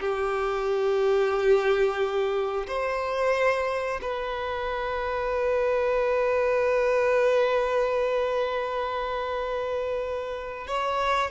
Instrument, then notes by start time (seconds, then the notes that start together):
violin
0.00 G4
2.67 C5
4.02 B4
10.67 C#5